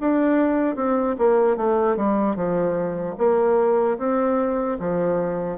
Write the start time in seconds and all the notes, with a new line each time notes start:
0.00 D4
0.75 C4
1.18 A#3
1.56 A3
1.96 G3
2.36 F3
3.17 A#3
3.98 C4
4.79 F3